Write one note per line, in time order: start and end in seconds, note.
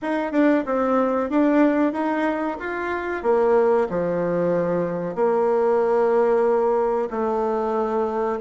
0.02 0.31 D#4
0.31 0.64 D4
0.65 1.29 C4
1.29 1.92 D4
1.92 2.57 D#4
2.59 3.23 F4
3.23 3.87 A#3
3.89 5.15 F3
5.15 7.09 A#3
7.10 8.39 A3